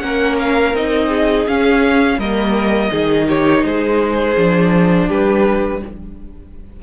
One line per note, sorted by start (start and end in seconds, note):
0.00 0.73 A#3
0.00 0.74 C#4
0.00 1.09 A#4
0.00 0.36 F#5
0.39 0.76 F5
0.73 1.46 C4
0.73 1.48 D#4
0.73 1.48 D#5
1.09 2.17 G#4
1.48 2.20 C#4
1.48 2.18 C#4
1.48 2.20 F5
2.18 2.91 G3
2.18 2.92 A#3
2.18 2.92 A#4
2.18 3.28 D#5
2.92 3.64 D#3
2.92 4.36 D#4
2.92 3.28 G#4
3.28 3.64 G4
3.28 3.65 C#5
3.64 4.37 G#3
3.64 5.08 G#4
3.64 5.10 C5
4.37 5.09 F3
4.37 5.81 D4
5.08 5.83 G3
5.08 5.80 G4
5.08 5.83 B4